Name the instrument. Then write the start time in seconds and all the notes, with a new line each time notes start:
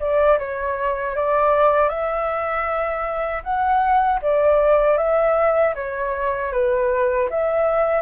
flute
0.00 D5
0.39 C#5
1.16 D5
1.89 E5
3.43 F#5
4.22 D5
4.98 E5
5.75 C#5
6.52 B4
7.30 E5